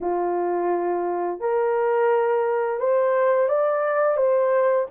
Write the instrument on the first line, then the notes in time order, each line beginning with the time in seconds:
horn
0.01 F4
1.40 A#4
2.79 C5
3.48 D5
4.16 C5